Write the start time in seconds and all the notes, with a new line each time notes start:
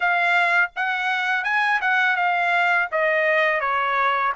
0.00 F5
0.76 F#5
1.44 G#5
1.81 F#5
2.16 F5
2.91 D#5
3.60 C#5